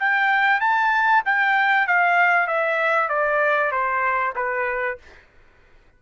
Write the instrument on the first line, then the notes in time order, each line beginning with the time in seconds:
trumpet
0.00 G5
0.61 A5
1.26 G5
1.88 F5
2.48 E5
3.09 D5
3.72 C5
4.36 B4